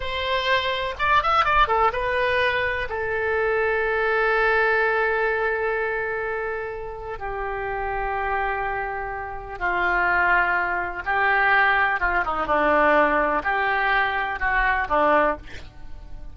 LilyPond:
\new Staff \with { instrumentName = "oboe" } { \time 4/4 \tempo 4 = 125 c''2 d''8 e''8 d''8 a'8 | b'2 a'2~ | a'1~ | a'2. g'4~ |
g'1 | f'2. g'4~ | g'4 f'8 dis'8 d'2 | g'2 fis'4 d'4 | }